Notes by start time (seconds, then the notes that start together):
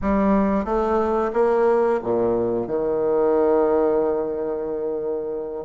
0.02 G3
0.65 A3
1.33 A#3
2.03 A#2
2.67 D#3